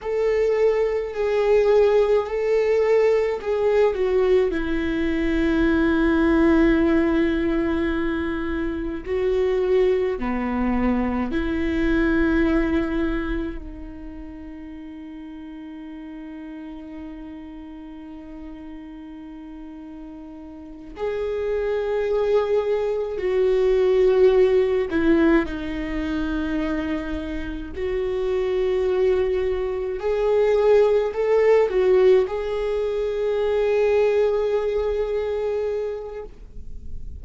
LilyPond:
\new Staff \with { instrumentName = "viola" } { \time 4/4 \tempo 4 = 53 a'4 gis'4 a'4 gis'8 fis'8 | e'1 | fis'4 b4 e'2 | dis'1~ |
dis'2~ dis'8 gis'4.~ | gis'8 fis'4. e'8 dis'4.~ | dis'8 fis'2 gis'4 a'8 | fis'8 gis'2.~ gis'8 | }